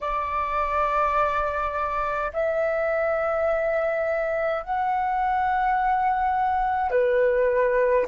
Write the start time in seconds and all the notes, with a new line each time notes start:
0.01 D5
2.33 E5
4.63 F#5
6.90 B4